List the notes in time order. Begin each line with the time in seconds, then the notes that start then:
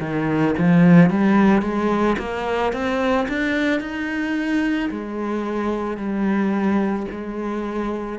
0.00 D#3
0.58 F3
1.10 G3
1.62 G#3
2.19 A#3
2.73 C4
3.29 D4
3.81 D#4
4.91 G#3
5.98 G3
7.12 G#3